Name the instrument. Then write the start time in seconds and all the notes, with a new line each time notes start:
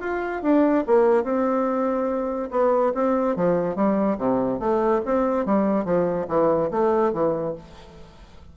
bassoon
0.00 F4
0.42 D4
0.87 A#3
1.23 C4
2.50 B3
2.94 C4
3.36 F3
3.75 G3
4.18 C3
4.59 A3
5.05 C4
5.45 G3
5.84 F3
6.28 E3
6.70 A3
7.13 E3